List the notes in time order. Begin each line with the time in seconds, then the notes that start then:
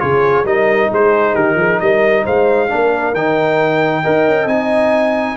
0.00 C#3 F4 G#4 C#5
0.44 G3 D#4 A#4 D#5
0.92 G#3 G#4 C5
1.34 D#3 G4 A#4
1.55 F3 G#4
1.80 G3 A#4 D#5
2.24 G#3 C5 F5
2.69 A#3 D4 A#4
3.14 D#3 D#4 G5
4.02 D#4 A#4 D#5
4.28 C#4
4.45 C4 D#4 G#5